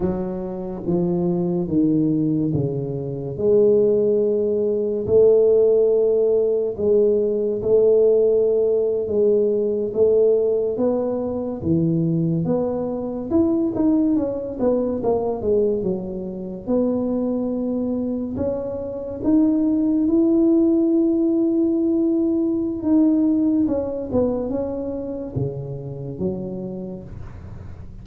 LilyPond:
\new Staff \with { instrumentName = "tuba" } { \time 4/4 \tempo 4 = 71 fis4 f4 dis4 cis4 | gis2 a2 | gis4 a4.~ a16 gis4 a16~ | a8. b4 e4 b4 e'16~ |
e'16 dis'8 cis'8 b8 ais8 gis8 fis4 b16~ | b4.~ b16 cis'4 dis'4 e'16~ | e'2. dis'4 | cis'8 b8 cis'4 cis4 fis4 | }